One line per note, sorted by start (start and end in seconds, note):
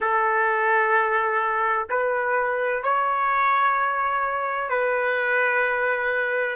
0.00 1.88 A4
1.89 2.83 B4
2.83 4.69 C#5
4.69 6.55 B4